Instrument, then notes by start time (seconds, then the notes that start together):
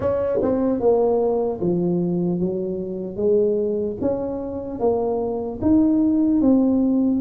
tuba
0.00 C#4
0.42 C4
0.80 A#3
1.60 F3
2.40 F#3
3.16 G#3
4.01 C#4
4.79 A#3
5.61 D#4
6.41 C4